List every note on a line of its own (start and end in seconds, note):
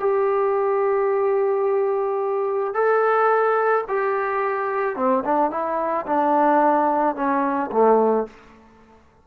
0.00 2.74 G4
2.74 3.85 A4
3.89 4.96 G4
4.96 5.24 C4
5.25 5.51 D4
5.51 6.06 E4
6.07 7.16 D4
7.16 7.71 C#4
7.72 8.27 A3